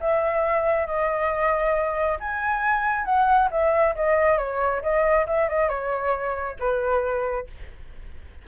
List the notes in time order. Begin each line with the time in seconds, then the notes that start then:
0.00 E5
0.86 D#5
2.20 G#5
3.05 F#5
3.51 E5
3.95 D#5
4.38 C#5
4.82 D#5
5.26 E5
5.48 D#5
5.68 C#5
6.59 B4